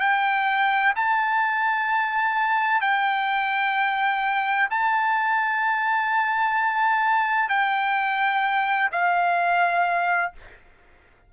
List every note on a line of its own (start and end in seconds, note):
0.00 0.94 G5
0.96 2.81 A5
2.81 4.69 G5
4.70 7.49 A5
7.49 8.90 G5
8.92 10.33 F5